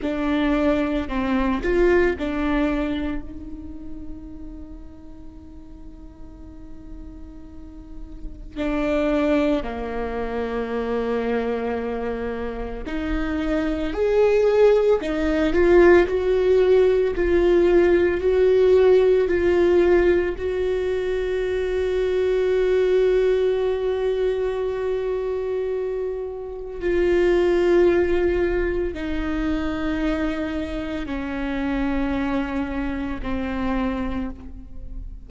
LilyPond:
\new Staff \with { instrumentName = "viola" } { \time 4/4 \tempo 4 = 56 d'4 c'8 f'8 d'4 dis'4~ | dis'1 | d'4 ais2. | dis'4 gis'4 dis'8 f'8 fis'4 |
f'4 fis'4 f'4 fis'4~ | fis'1~ | fis'4 f'2 dis'4~ | dis'4 cis'2 c'4 | }